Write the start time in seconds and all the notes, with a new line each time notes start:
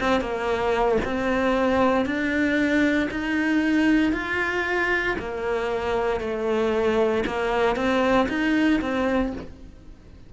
0.00 C4
0.21 A#3
1.05 C4
2.06 D4
3.11 D#4
4.13 F4
5.19 A#3
6.21 A3
7.26 A#3
7.76 C4
8.29 D#4
8.82 C4